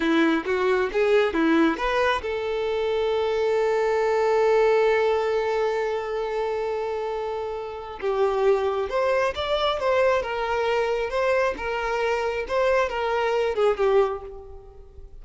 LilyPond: \new Staff \with { instrumentName = "violin" } { \time 4/4 \tempo 4 = 135 e'4 fis'4 gis'4 e'4 | b'4 a'2.~ | a'1~ | a'1~ |
a'2 g'2 | c''4 d''4 c''4 ais'4~ | ais'4 c''4 ais'2 | c''4 ais'4. gis'8 g'4 | }